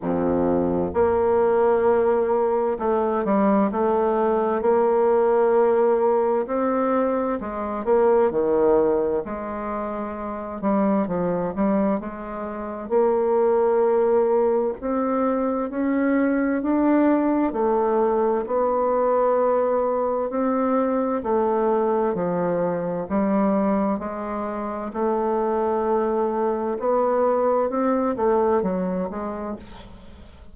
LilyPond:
\new Staff \with { instrumentName = "bassoon" } { \time 4/4 \tempo 4 = 65 f,4 ais2 a8 g8 | a4 ais2 c'4 | gis8 ais8 dis4 gis4. g8 | f8 g8 gis4 ais2 |
c'4 cis'4 d'4 a4 | b2 c'4 a4 | f4 g4 gis4 a4~ | a4 b4 c'8 a8 fis8 gis8 | }